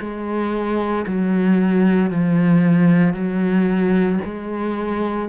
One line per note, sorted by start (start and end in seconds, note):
0.00 1.05 G#3
1.07 2.11 F#3
2.11 3.14 F3
3.14 4.19 F#3
4.24 5.29 G#3